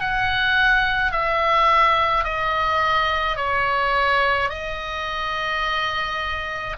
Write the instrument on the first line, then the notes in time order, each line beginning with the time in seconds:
oboe
0.00 F#5
1.12 E5
2.24 D#5
3.37 C#5
4.49 D#5